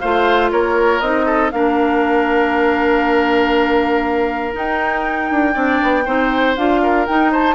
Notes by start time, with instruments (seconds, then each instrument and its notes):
0.00 bassoon A3, clarinet F4, oboe C5, flute F5
0.52 bassoon A#3, oboe A#4, flute C#5
1.00 bassoon C4, clarinet D#4, flute D#5
1.26 oboe A4
1.51 bassoon A#3, clarinet D4, oboe A#4, flute F5
4.53 clarinet D#4, bassoon D#4, flute G5
5.31 bassoon D4
5.54 bassoon C4, clarinet D4, oboe D5
5.83 bassoon B3
6.05 bassoon C4, clarinet D#4, oboe C5
6.56 bassoon D4, clarinet F4, flute F5
6.83 oboe A#4
7.07 clarinet D#4, bassoon D#4, flute G5
7.32 oboe C5, flute A5